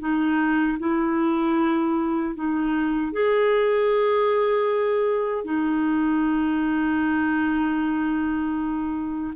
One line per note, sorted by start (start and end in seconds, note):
0.00 0.78 D#4
0.79 2.35 E4
2.35 3.12 D#4
3.12 5.44 G#4
5.44 9.34 D#4